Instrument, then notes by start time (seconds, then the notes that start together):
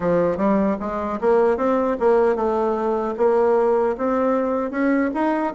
bassoon
0.00 F3
0.37 G3
0.79 G#3
1.20 A#3
1.57 C4
2.00 A#3
2.35 A3
3.17 A#3
3.97 C4
4.70 C#4
5.14 D#4